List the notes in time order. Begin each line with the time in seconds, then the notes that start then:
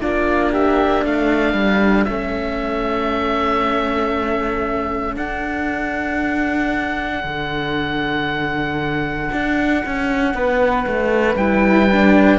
0.00 A#3 D4 F4 D5
0.52 G4 E5
1.03 A3 A4 F5
1.53 G3
2.05 A3 C#4 E5
5.16 D4 F#5
7.23 D3
9.32 D4
9.86 C#4
10.34 B3 B4
10.87 A3
11.36 G3 E4 G5
11.92 D4